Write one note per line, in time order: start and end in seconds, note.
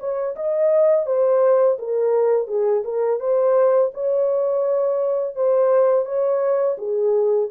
0.00 0.36 C#5
0.36 1.06 D#5
1.06 1.78 C5
1.79 2.48 A#4
2.48 2.83 G#4
2.84 3.20 A#4
3.20 3.92 C5
3.94 5.36 C#5
5.36 6.06 C5
6.06 6.77 C#5
6.78 7.49 G#4